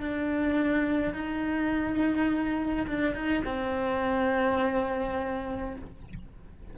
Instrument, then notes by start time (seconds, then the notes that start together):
cello
0.00 D4
1.14 D#4
2.87 D4
3.15 D#4
3.45 C4